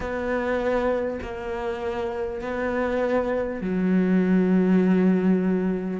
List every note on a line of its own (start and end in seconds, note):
0.00 1.19 B3
1.22 2.41 A#3
2.41 3.61 B3
3.61 5.99 F#3